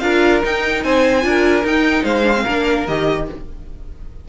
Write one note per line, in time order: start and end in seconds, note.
0.00 0.43 D4
0.00 0.42 F4
0.00 0.85 A#4
0.00 0.41 F5
0.42 1.22 D#4
0.42 0.84 D#4
0.42 0.84 G5
0.84 1.24 C4
0.84 1.26 C5
0.84 1.66 G#5
1.22 1.64 D4
1.22 1.63 F4
1.22 2.03 A#4
1.64 2.04 D#4
1.64 2.23 D#4
1.64 2.05 G5
2.03 2.45 G#3
2.03 2.44 C5
2.03 2.86 F5
2.23 2.34 D4
2.36 2.46 C4
2.44 2.88 A#3
2.44 2.88 D4
2.44 3.25 A#4
2.88 3.29 D#3
2.88 3.29 G4
2.88 3.29 D#5